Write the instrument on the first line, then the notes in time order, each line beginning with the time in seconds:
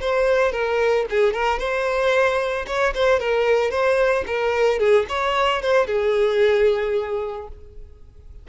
violin
0.00 C5
0.52 A#4
1.10 G#4
1.33 A#4
1.59 C5
2.67 C#5
2.94 C5
3.19 A#4
3.71 C5
4.27 A#4
4.79 G#4
5.09 C#5
5.62 C5
5.87 G#4